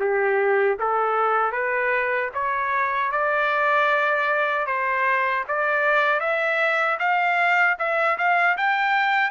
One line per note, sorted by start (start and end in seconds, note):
0.00 0.78 G4
0.79 1.52 A4
1.52 2.30 B4
2.34 3.11 C#5
3.11 4.66 D5
4.66 5.44 C5
5.48 6.20 D5
6.20 6.98 E5
6.99 7.77 F5
7.79 8.17 E5
8.18 8.57 F5
8.57 9.30 G5